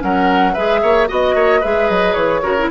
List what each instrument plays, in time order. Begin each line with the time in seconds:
0.00 bassoon F#3, clarinet C#4, oboe A#4, flute F#5
0.53 bassoon G#3, clarinet G#4, oboe B4, flute E5
0.82 bassoon A#3, oboe C#5
1.08 bassoon B3, clarinet F#4, oboe D#5, flute D#5
1.35 bassoon A#3, oboe C#5
1.60 bassoon G#3, clarinet G#4, oboe B4, flute E5
1.90 bassoon F#3, flute D#5
2.14 bassoon E3, flute C#5
2.43 bassoon C#3, clarinet F#4, oboe A#4
2.59 clarinet E4